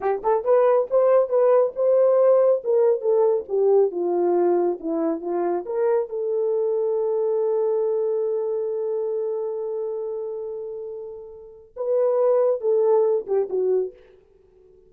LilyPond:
\new Staff \with { instrumentName = "horn" } { \time 4/4 \tempo 4 = 138 g'8 a'8 b'4 c''4 b'4 | c''2 ais'4 a'4 | g'4 f'2 e'4 | f'4 ais'4 a'2~ |
a'1~ | a'1~ | a'2. b'4~ | b'4 a'4. g'8 fis'4 | }